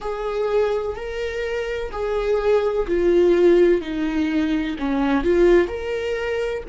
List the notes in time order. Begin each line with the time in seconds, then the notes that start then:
0.00 G#4
0.96 A#4
1.91 G#4
2.87 F4
3.81 D#4
4.78 C#4
5.23 F4
5.68 A#4